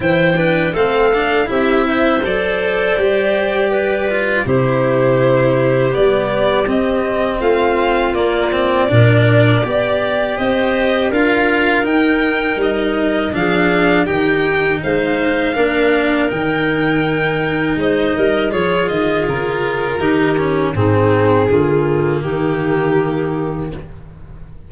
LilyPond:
<<
  \new Staff \with { instrumentName = "violin" } { \time 4/4 \tempo 4 = 81 g''4 f''4 e''4 d''4~ | d''2 c''2 | d''4 dis''4 f''4 d''4~ | d''2 dis''4 f''4 |
g''4 dis''4 f''4 g''4 | f''2 g''2 | dis''4 cis''8 dis''8 ais'2 | gis'2 g'2 | }
  \new Staff \with { instrumentName = "clarinet" } { \time 4/4 c''8 b'8 a'4 g'8 c''4.~ | c''4 b'4 g'2~ | g'2 f'2 | ais'4 d''4 c''4 ais'4~ |
ais'2 gis'4 g'4 | c''4 ais'2. | c''8 ais'8 gis'2 g'4 | dis'4 f'4 dis'2 | }
  \new Staff \with { instrumentName = "cello" } { \time 4/4 e'8 d'8 c'8 d'8 e'4 a'4 | g'4. f'8 e'2 | b4 c'2 ais8 c'8 | d'4 g'2 f'4 |
dis'2 d'4 dis'4~ | dis'4 d'4 dis'2~ | dis'4 f'2 dis'8 cis'8 | c'4 ais2. | }
  \new Staff \with { instrumentName = "tuba" } { \time 4/4 e4 a4 c'4 fis4 | g2 c2 | g4 c'4 a4 ais4 | ais,4 b4 c'4 d'4 |
dis'4 g4 f4 dis4 | gis4 ais4 dis2 | gis8 g8 f8 dis8 cis4 dis4 | gis,4 d4 dis2 | }
>>